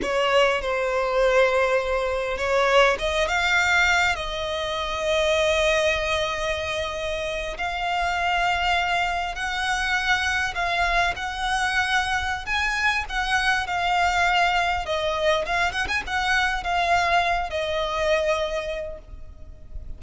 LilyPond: \new Staff \with { instrumentName = "violin" } { \time 4/4 \tempo 4 = 101 cis''4 c''2. | cis''4 dis''8 f''4. dis''4~ | dis''1~ | dis''8. f''2. fis''16~ |
fis''4.~ fis''16 f''4 fis''4~ fis''16~ | fis''4 gis''4 fis''4 f''4~ | f''4 dis''4 f''8 fis''16 gis''16 fis''4 | f''4. dis''2~ dis''8 | }